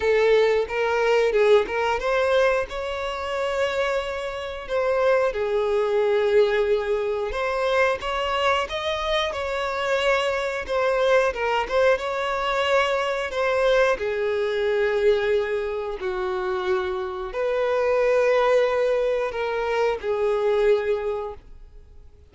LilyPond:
\new Staff \with { instrumentName = "violin" } { \time 4/4 \tempo 4 = 90 a'4 ais'4 gis'8 ais'8 c''4 | cis''2. c''4 | gis'2. c''4 | cis''4 dis''4 cis''2 |
c''4 ais'8 c''8 cis''2 | c''4 gis'2. | fis'2 b'2~ | b'4 ais'4 gis'2 | }